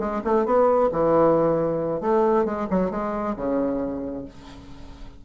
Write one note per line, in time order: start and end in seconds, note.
0.00 0.22 G#3
0.25 0.46 A3
0.46 0.90 B3
0.92 2.01 E3
2.01 2.46 A3
2.46 2.68 G#3
2.71 2.91 F#3
2.91 3.36 G#3
3.37 4.26 C#3